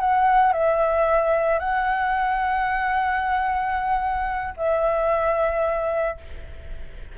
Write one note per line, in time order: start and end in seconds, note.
0.00 0.53 F#5
0.53 1.59 E5
1.59 4.54 F#5
4.57 6.18 E5